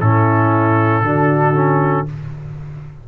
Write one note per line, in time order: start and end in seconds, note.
0.00 1.02 A2
0.00 1.04 C#4
0.00 1.04 E4
0.00 2.07 A4
1.02 2.06 D3
1.02 1.54 D4
1.02 2.08 F#4
1.54 2.06 C#4